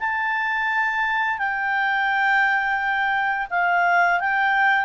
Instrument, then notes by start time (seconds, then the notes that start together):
clarinet
0.00 A5
1.39 G5
3.50 F5
4.20 G5